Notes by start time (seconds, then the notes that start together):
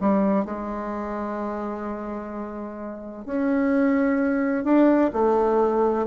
0.00 G3
0.45 G#3
3.25 C#4
4.64 D4
5.13 A3